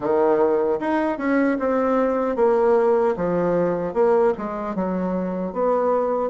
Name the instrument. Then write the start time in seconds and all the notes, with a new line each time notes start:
bassoon
0.00 D#3
0.80 D#4
1.18 C#4
1.59 C4
2.36 A#3
3.16 F3
3.93 A#3
4.37 G#3
4.75 F#3
5.52 B3